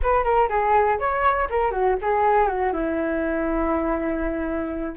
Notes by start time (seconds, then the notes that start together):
0.02 B4
0.23 A#4
0.49 G#4
0.99 C#5
1.50 A#4
1.71 F#4
2.01 G#4
2.47 F#4
2.73 E4